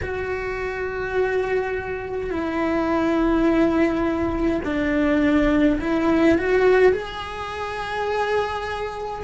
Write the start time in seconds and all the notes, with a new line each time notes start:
0.02 F#4
2.30 E4
4.64 D4
5.80 E4
6.38 F#4
6.92 G#4